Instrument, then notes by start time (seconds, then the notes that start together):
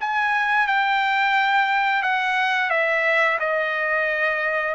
trumpet
0.00 G#5
0.67 G5
2.02 F#5
2.70 E5
3.39 D#5